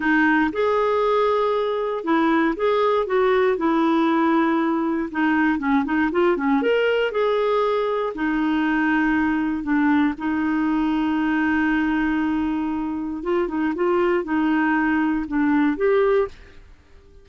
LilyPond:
\new Staff \with { instrumentName = "clarinet" } { \time 4/4 \tempo 4 = 118 dis'4 gis'2. | e'4 gis'4 fis'4 e'4~ | e'2 dis'4 cis'8 dis'8 | f'8 cis'8 ais'4 gis'2 |
dis'2. d'4 | dis'1~ | dis'2 f'8 dis'8 f'4 | dis'2 d'4 g'4 | }